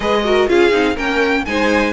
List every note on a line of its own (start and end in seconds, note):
0.00 0.46 G#3
0.00 0.24 G#4
0.00 0.22 B4
0.00 0.48 D#5
0.24 0.47 F#4
0.24 0.49 A#4
0.47 0.72 C#4
0.47 0.71 F4
0.47 0.95 G#4
0.47 0.97 F5
0.71 0.97 C4
0.71 0.95 D#4
0.95 1.46 A#3
0.95 1.45 C#4
0.95 1.43 A#4
0.95 1.45 G5
1.45 1.93 G#3
1.45 1.93 D#4
1.45 1.93 C5
1.45 1.93 G#5